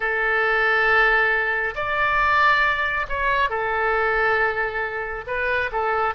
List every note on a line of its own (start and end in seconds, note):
0.00 1.74 A4
1.75 3.06 D5
3.08 3.49 C#5
3.49 5.25 A4
5.26 5.70 B4
5.72 6.14 A4